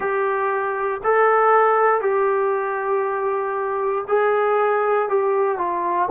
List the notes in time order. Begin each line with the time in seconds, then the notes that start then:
0.00 G4
1.04 A4
2.01 G4
4.07 G#4
5.08 G4
5.57 F4